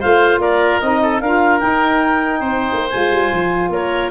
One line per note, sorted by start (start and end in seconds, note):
0.00 0.38 A3
0.00 0.82 F4
0.00 0.40 C5
0.00 0.41 F5
0.38 0.78 A#3
0.38 1.01 A#4
0.38 0.80 D5
0.80 1.21 C4
0.80 1.22 D#4
0.80 1.20 D#5
1.02 1.22 A4
1.20 1.61 D4
1.20 1.60 F4
1.20 2.40 A#4
1.20 1.60 F5
1.60 2.90 D#4
1.60 2.41 D#4
1.60 2.90 G5
2.40 2.71 C4
2.40 3.70 C5
2.73 2.93 A#3
2.90 3.12 G#3
2.90 4.11 F4
2.90 3.70 G#5
3.12 3.32 G3
3.32 3.70 F3
3.70 4.10 A#3
3.70 4.11 A#4
3.70 4.11 C#5